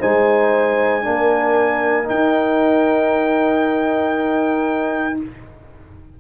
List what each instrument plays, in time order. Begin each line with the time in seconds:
0.00 tuba G#3, trombone D#4, horn C5, trumpet G#5
1.03 tuba A#3, trombone D4, horn A#4
2.04 trombone D#4, trumpet G5
2.10 tuba D#4